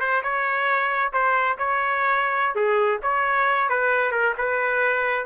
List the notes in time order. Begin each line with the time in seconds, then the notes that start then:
0.00 C5
0.23 C#5
1.13 C5
1.58 C#5
2.55 G#4
3.02 C#5
3.69 B4
4.12 A#4
4.38 B4